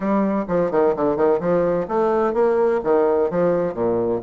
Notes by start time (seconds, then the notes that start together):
0.00 G3
0.48 F3
0.71 D#3
0.95 D3
1.16 D#3
1.40 F3
1.88 A3
2.33 A#3
2.83 D#3
3.30 F3
3.74 A#2